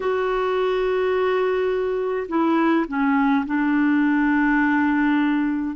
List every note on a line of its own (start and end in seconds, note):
0.00 2.27 F#4
2.28 2.85 E4
2.87 3.45 C#4
3.46 5.75 D4